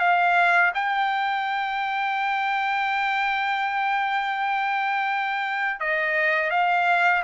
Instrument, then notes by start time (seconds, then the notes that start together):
trumpet
0.00 F5
0.75 G5
5.80 D#5
6.51 F5